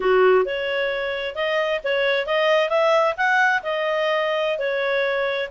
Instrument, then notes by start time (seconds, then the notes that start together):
clarinet
0.00 F#4
0.45 C#5
1.35 D#5
1.84 C#5
2.26 D#5
2.69 E5
3.17 F#5
3.62 D#5
4.59 C#5